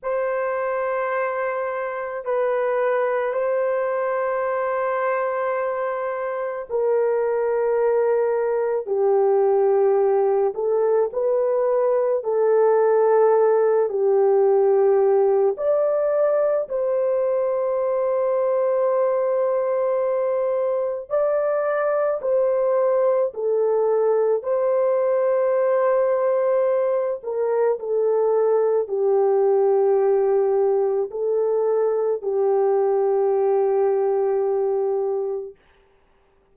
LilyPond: \new Staff \with { instrumentName = "horn" } { \time 4/4 \tempo 4 = 54 c''2 b'4 c''4~ | c''2 ais'2 | g'4. a'8 b'4 a'4~ | a'8 g'4. d''4 c''4~ |
c''2. d''4 | c''4 a'4 c''2~ | c''8 ais'8 a'4 g'2 | a'4 g'2. | }